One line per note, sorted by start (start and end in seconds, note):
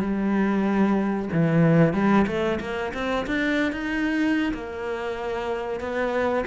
0.00 1.29 G3
1.33 1.93 E3
1.93 2.26 G3
2.27 2.59 A3
2.60 2.92 A#3
2.94 3.26 C4
3.27 3.72 D4
3.72 4.52 D#4
4.53 5.80 A#3
5.80 6.45 B3